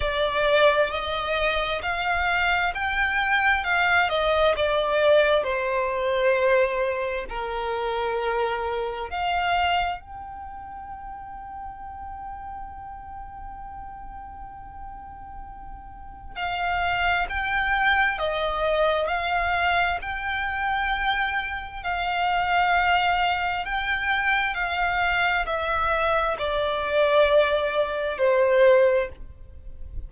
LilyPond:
\new Staff \with { instrumentName = "violin" } { \time 4/4 \tempo 4 = 66 d''4 dis''4 f''4 g''4 | f''8 dis''8 d''4 c''2 | ais'2 f''4 g''4~ | g''1~ |
g''2 f''4 g''4 | dis''4 f''4 g''2 | f''2 g''4 f''4 | e''4 d''2 c''4 | }